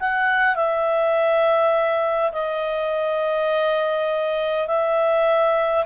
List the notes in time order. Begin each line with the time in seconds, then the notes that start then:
0.00 F#5
0.56 E5
2.33 D#5
4.68 E5